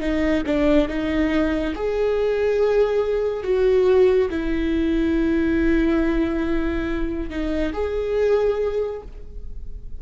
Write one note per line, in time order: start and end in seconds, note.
0.00 0.43 D#4
0.46 0.88 D4
0.88 1.74 D#4
1.75 3.43 G#4
3.43 4.29 F#4
4.30 7.29 E4
7.29 7.72 D#4
7.73 9.02 G#4